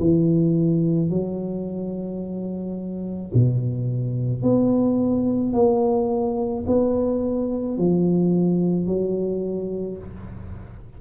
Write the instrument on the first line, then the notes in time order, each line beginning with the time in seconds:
tuba
0.00 E3
1.10 F#3
3.34 B2
4.43 B3
5.54 A#3
6.67 B3
7.78 F3
8.87 F#3